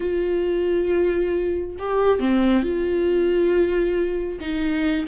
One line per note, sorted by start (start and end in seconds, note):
0.00 1.76 F4
1.78 2.19 G4
2.19 2.62 C4
2.62 4.39 F4
4.40 5.06 D#4